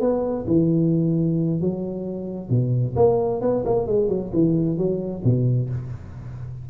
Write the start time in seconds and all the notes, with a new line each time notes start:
0.00 B3
0.47 E3
1.61 F#3
2.49 B2
2.96 A#3
3.41 B3
3.65 A#3
3.87 G#3
4.08 F#3
4.33 E3
4.77 F#3
5.24 B2